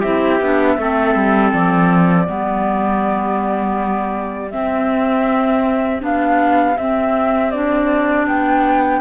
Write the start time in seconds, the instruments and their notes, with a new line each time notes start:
0.00 cello C4, clarinet E4, trumpet G4, flute E5
0.40 cello B3, clarinet D4
0.78 cello A3, clarinet C4, trumpet A4
1.15 cello G3
1.52 cello F3, flute D5
2.26 cello G3, clarinet B3, trumpet G4
4.50 clarinet C4, cello C4, flute E5
6.00 cello B3, clarinet D4, flute F5
6.77 cello C4, clarinet C4, flute E5
7.51 clarinet D4, flute D5
8.27 cello B3, flute G5